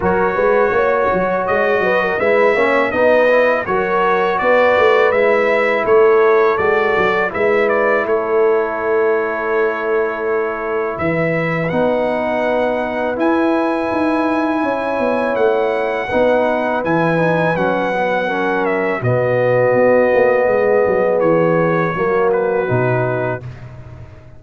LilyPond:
<<
  \new Staff \with { instrumentName = "trumpet" } { \time 4/4 \tempo 4 = 82 cis''2 dis''4 e''4 | dis''4 cis''4 d''4 e''4 | cis''4 d''4 e''8 d''8 cis''4~ | cis''2. e''4 |
fis''2 gis''2~ | gis''4 fis''2 gis''4 | fis''4. e''8 dis''2~ | dis''4 cis''4. b'4. | }
  \new Staff \with { instrumentName = "horn" } { \time 4/4 ais'8 b'8 cis''4. b'16 ais'16 b'8 cis''8 | b'4 ais'4 b'2 | a'2 b'4 a'4~ | a'2. b'4~ |
b'1 | cis''2 b'2~ | b'4 ais'4 fis'2 | gis'2 fis'2 | }
  \new Staff \with { instrumentName = "trombone" } { \time 4/4 fis'2. e'8 cis'8 | dis'8 e'8 fis'2 e'4~ | e'4 fis'4 e'2~ | e'1 |
dis'2 e'2~ | e'2 dis'4 e'8 dis'8 | cis'8 b8 cis'4 b2~ | b2 ais4 dis'4 | }
  \new Staff \with { instrumentName = "tuba" } { \time 4/4 fis8 gis8 ais8 fis8 gis8 fis8 gis8 ais8 | b4 fis4 b8 a8 gis4 | a4 gis8 fis8 gis4 a4~ | a2. e4 |
b2 e'4 dis'4 | cis'8 b8 a4 b4 e4 | fis2 b,4 b8 ais8 | gis8 fis8 e4 fis4 b,4 | }
>>